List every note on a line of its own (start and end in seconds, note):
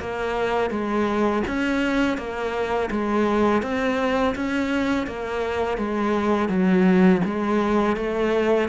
0.00 0.70 A#3
0.70 1.43 G#3
1.47 2.17 C#4
2.17 2.89 A#3
2.90 3.62 G#3
3.62 4.35 C4
4.35 5.07 C#4
5.07 5.77 A#3
5.77 6.49 G#3
6.49 7.21 F#3
7.25 7.96 G#3
7.96 8.68 A3